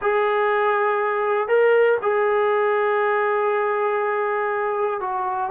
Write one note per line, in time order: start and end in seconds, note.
0.01 1.47 G#4
1.47 1.97 A#4
2.02 5.00 G#4
5.00 5.50 F#4